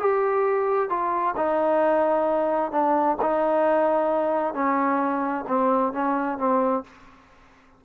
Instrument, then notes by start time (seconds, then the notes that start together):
trombone
0.00 G4
0.90 F4
1.37 D#4
2.72 D4
3.22 D#4
4.54 C#4
5.48 C4
5.93 C#4
6.38 C4